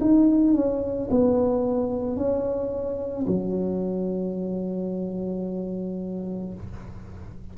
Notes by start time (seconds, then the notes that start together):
0.00 D#4
0.54 C#4
1.10 B3
2.16 C#4
3.26 F#3